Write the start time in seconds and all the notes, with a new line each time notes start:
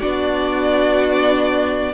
0.00 B3 D4 F#4 D5